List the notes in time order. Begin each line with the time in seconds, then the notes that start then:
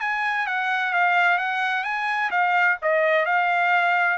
0.00 G#5
0.47 F#5
0.93 F5
1.38 F#5
1.84 G#5
2.30 F5
2.82 D#5
3.26 F5